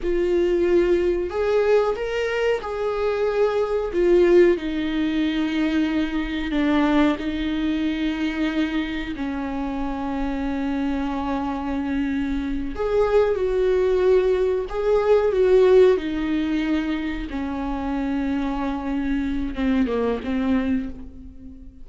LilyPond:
\new Staff \with { instrumentName = "viola" } { \time 4/4 \tempo 4 = 92 f'2 gis'4 ais'4 | gis'2 f'4 dis'4~ | dis'2 d'4 dis'4~ | dis'2 cis'2~ |
cis'2.~ cis'8 gis'8~ | gis'8 fis'2 gis'4 fis'8~ | fis'8 dis'2 cis'4.~ | cis'2 c'8 ais8 c'4 | }